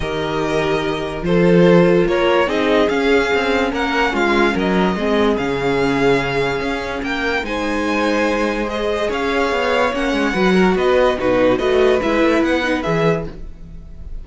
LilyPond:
<<
  \new Staff \with { instrumentName = "violin" } { \time 4/4 \tempo 4 = 145 dis''2. c''4~ | c''4 cis''4 dis''4 f''4~ | f''4 fis''4 f''4 dis''4~ | dis''4 f''2.~ |
f''4 g''4 gis''2~ | gis''4 dis''4 f''2 | fis''2 dis''4 b'4 | dis''4 e''4 fis''4 e''4 | }
  \new Staff \with { instrumentName = "violin" } { \time 4/4 ais'2. a'4~ | a'4 ais'4 gis'2~ | gis'4 ais'4 f'4 ais'4 | gis'1~ |
gis'4 ais'4 c''2~ | c''2 cis''2~ | cis''4 b'8 ais'8 b'4 fis'4 | b'1 | }
  \new Staff \with { instrumentName = "viola" } { \time 4/4 g'2. f'4~ | f'2 dis'4 cis'4~ | cis'1 | c'4 cis'2.~ |
cis'2 dis'2~ | dis'4 gis'2. | cis'4 fis'2 dis'4 | fis'4 e'4. dis'8 gis'4 | }
  \new Staff \with { instrumentName = "cello" } { \time 4/4 dis2. f4~ | f4 ais4 c'4 cis'4 | c'4 ais4 gis4 fis4 | gis4 cis2. |
cis'4 ais4 gis2~ | gis2 cis'4 b4 | ais8 gis8 fis4 b4 b,4 | a4 gis8 a8 b4 e4 | }
>>